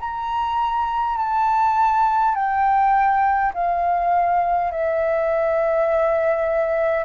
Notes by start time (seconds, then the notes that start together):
0.00 A#5
1.18 A5
2.35 G5
3.54 F5
4.72 E5